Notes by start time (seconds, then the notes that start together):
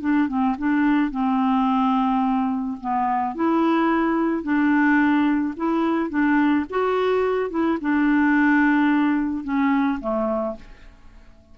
0.00 D4
0.28 C4
0.58 D4
1.11 C4
2.81 B3
3.35 E4
4.43 D4
5.56 E4
6.10 D4
6.70 F#4
7.50 E4
7.81 D4
9.43 C#4
10.00 A3